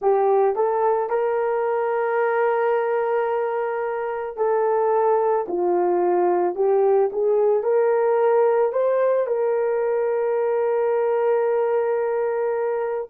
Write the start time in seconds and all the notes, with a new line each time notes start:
0.01 G4
0.55 A4
1.09 A#4
4.36 A4
5.48 F4
6.55 G4
7.12 G#4
7.63 A#4
8.72 C5
9.26 A#4